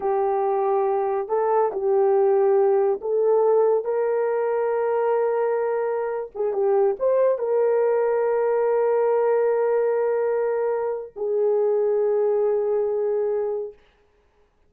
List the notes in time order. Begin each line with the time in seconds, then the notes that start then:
0.00 G4
1.28 A4
1.72 G4
3.01 A4
3.84 A#4
6.34 G#4
6.53 G4
6.99 C5
7.38 A#4
11.16 G#4